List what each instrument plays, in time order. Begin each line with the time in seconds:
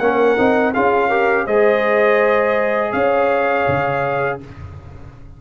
0.00 tuba A#3, trombone C#4, horn A#4, trumpet F#5
0.38 tuba C4, trombone D#4
0.74 tuba C#4, trombone F4, horn G#4, trumpet F5
1.09 trombone G4, horn A#4
1.46 tuba G#3, trombone G#4, horn C5, trumpet D#5
2.93 tuba C#4, horn C#5, trumpet F5
3.68 tuba C#3